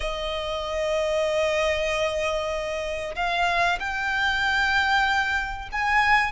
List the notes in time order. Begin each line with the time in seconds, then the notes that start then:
0.00 D#5
3.16 F5
3.79 G5
5.72 G#5